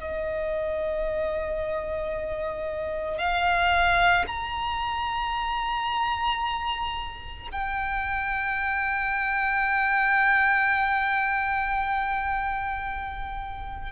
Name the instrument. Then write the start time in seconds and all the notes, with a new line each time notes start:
violin
0.00 D#5
3.19 F5
4.28 A#5
7.52 G5